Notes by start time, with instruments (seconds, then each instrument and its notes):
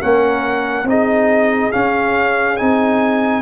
0.00 tuba A#3, trombone C#4, horn A#4, trumpet F#5
0.84 tuba C4, trombone D#4, horn G#4, trumpet D#5
1.72 trombone C#4, tuba C#4, trumpet F5
2.57 tuba C4, trombone D#4, trumpet G#5